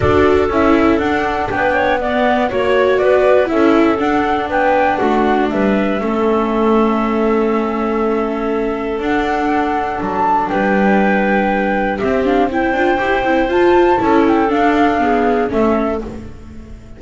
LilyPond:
<<
  \new Staff \with { instrumentName = "flute" } { \time 4/4 \tempo 4 = 120 d''4 e''4 fis''4 g''4 | fis''4 cis''4 d''4 e''4 | fis''4 g''4 fis''4 e''4~ | e''1~ |
e''2 fis''2 | a''4 g''2. | e''8 f''8 g''2 a''4~ | a''8 g''8 f''2 e''4 | }
  \new Staff \with { instrumentName = "clarinet" } { \time 4/4 a'2. b'8 cis''8 | d''4 cis''4 b'4 a'4~ | a'4 b'4 fis'4 b'4 | a'1~ |
a'1~ | a'4 b'2. | g'4 c''2. | a'2 gis'4 a'4 | }
  \new Staff \with { instrumentName = "viola" } { \time 4/4 fis'4 e'4 d'2 | b4 fis'2 e'4 | d'1 | cis'1~ |
cis'2 d'2~ | d'1 | c'8 d'8 e'8 f'8 g'8 e'8 f'4 | e'4 d'4 b4 cis'4 | }
  \new Staff \with { instrumentName = "double bass" } { \time 4/4 d'4 cis'4 d'4 b4~ | b4 ais4 b4 cis'4 | d'4 b4 a4 g4 | a1~ |
a2 d'2 | fis4 g2. | c'4. d'8 e'8 c'8 f'4 | cis'4 d'2 a4 | }
>>